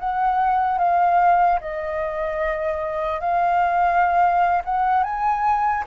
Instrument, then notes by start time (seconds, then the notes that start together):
flute
0.00 F#5
0.79 F5
1.61 D#5
3.21 F5
4.65 F#5
5.04 G#5